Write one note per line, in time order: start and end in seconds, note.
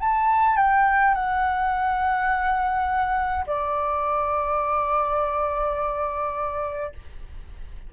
0.00 0.56 A5
0.56 1.14 G5
1.14 3.45 F#5
3.46 6.92 D5